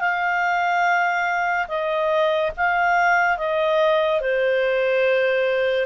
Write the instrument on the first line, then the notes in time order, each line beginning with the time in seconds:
clarinet
0.00 F5
1.68 D#5
2.57 F5
3.37 D#5
4.21 C5